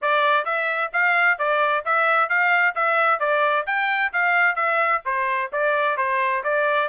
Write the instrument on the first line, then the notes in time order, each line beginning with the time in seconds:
trumpet
0.01 D5
0.45 E5
0.92 F5
1.38 D5
1.85 E5
2.29 F5
2.75 E5
3.19 D5
3.66 G5
4.12 F5
4.55 E5
5.05 C5
5.52 D5
5.97 C5
6.43 D5